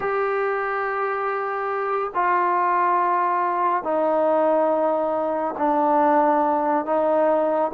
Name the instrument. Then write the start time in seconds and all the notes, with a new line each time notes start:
trombone
0.00 G4
2.14 F4
3.83 D#4
5.58 D4
6.85 D#4